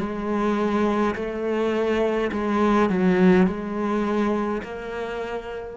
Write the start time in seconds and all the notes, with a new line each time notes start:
0.00 G#3
1.15 A3
2.32 G#3
2.90 F#3
3.47 G#3
4.63 A#3